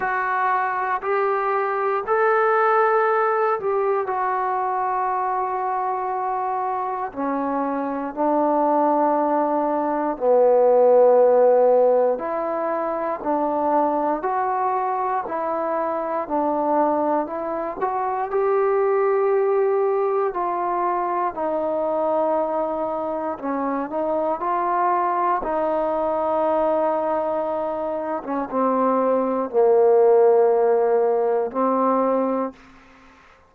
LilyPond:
\new Staff \with { instrumentName = "trombone" } { \time 4/4 \tempo 4 = 59 fis'4 g'4 a'4. g'8 | fis'2. cis'4 | d'2 b2 | e'4 d'4 fis'4 e'4 |
d'4 e'8 fis'8 g'2 | f'4 dis'2 cis'8 dis'8 | f'4 dis'2~ dis'8. cis'16 | c'4 ais2 c'4 | }